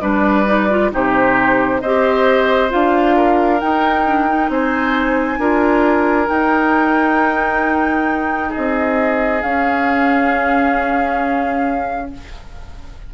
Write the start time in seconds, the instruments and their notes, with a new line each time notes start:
0.00 bassoon G3, clarinet D4, oboe B4, flute D5
0.46 clarinet D#4
0.69 clarinet F4
0.91 bassoon C3, clarinet D#4, oboe G4, flute C5
1.80 bassoon C4, clarinet G4, oboe C5, flute D#5
2.69 bassoon D4, clarinet F4, flute F5
3.16 oboe A#4
3.60 clarinet D#4, bassoon D#4, flute G5
4.05 clarinet D4
4.27 clarinet D#4
4.49 bassoon C4, oboe C5, flute G#5
5.38 bassoon D4, clarinet F4, oboe A#4
6.26 clarinet D#4, bassoon D#4, flute G5
8.49 oboe G#4, flute D#5
8.57 bassoon C4
9.41 bassoon C#4, clarinet C#4, flute F5